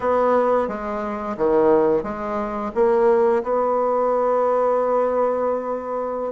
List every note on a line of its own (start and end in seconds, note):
0.00 0.68 B3
0.68 1.36 G#3
1.37 2.03 D#3
2.03 2.71 G#3
2.74 3.42 A#3
3.43 6.32 B3